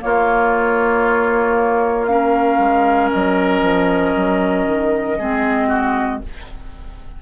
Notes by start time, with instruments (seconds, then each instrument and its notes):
0.00 clarinet A#3, bassoon A#3, oboe F4, flute C#5
2.06 clarinet C#4, oboe A#4, flute F5
2.59 bassoon G#3
3.11 bassoon F#3, flute D#5
3.62 bassoon F3
4.16 bassoon F#3
4.67 bassoon D#3
5.19 bassoon G#3, clarinet C4, oboe G#4
5.68 oboe F#4